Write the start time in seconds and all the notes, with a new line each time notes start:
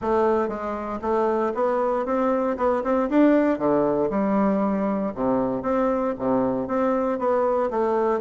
0.01 A3
0.48 G#3
1.01 A3
1.54 B3
2.05 C4
2.57 B3
2.83 C4
3.09 D4
3.58 D3
4.10 G3
5.14 C3
5.62 C4
6.18 C3
6.67 C4
7.18 B3
7.70 A3